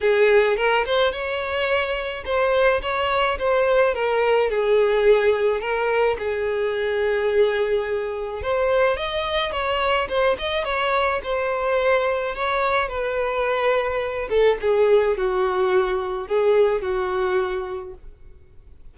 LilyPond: \new Staff \with { instrumentName = "violin" } { \time 4/4 \tempo 4 = 107 gis'4 ais'8 c''8 cis''2 | c''4 cis''4 c''4 ais'4 | gis'2 ais'4 gis'4~ | gis'2. c''4 |
dis''4 cis''4 c''8 dis''8 cis''4 | c''2 cis''4 b'4~ | b'4. a'8 gis'4 fis'4~ | fis'4 gis'4 fis'2 | }